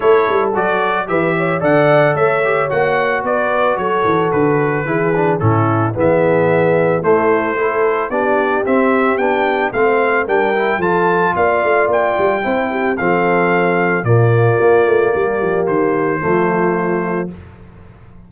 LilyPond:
<<
  \new Staff \with { instrumentName = "trumpet" } { \time 4/4 \tempo 4 = 111 cis''4 d''4 e''4 fis''4 | e''4 fis''4 d''4 cis''4 | b'2 a'4 e''4~ | e''4 c''2 d''4 |
e''4 g''4 f''4 g''4 | a''4 f''4 g''2 | f''2 d''2~ | d''4 c''2. | }
  \new Staff \with { instrumentName = "horn" } { \time 4/4 a'2 b'8 cis''8 d''4 | cis''2 b'4 a'4~ | a'4 gis'4 e'4 gis'4~ | gis'4 e'4 a'4 g'4~ |
g'2 c''4 ais'4 | a'4 d''2 c''8 g'8 | a'2 f'2 | g'2 f'2 | }
  \new Staff \with { instrumentName = "trombone" } { \time 4/4 e'4 fis'4 g'4 a'4~ | a'8 g'8 fis'2.~ | fis'4 e'8 d'8 cis'4 b4~ | b4 a4 e'4 d'4 |
c'4 d'4 c'4 d'8 e'8 | f'2. e'4 | c'2 ais2~ | ais2 a2 | }
  \new Staff \with { instrumentName = "tuba" } { \time 4/4 a8 g8 fis4 e4 d4 | a4 ais4 b4 fis8 e8 | d4 e4 a,4 e4~ | e4 a2 b4 |
c'4 b4 a4 g4 | f4 ais8 a8 ais8 g8 c'4 | f2 ais,4 ais8 a8 | g8 f8 dis4 f2 | }
>>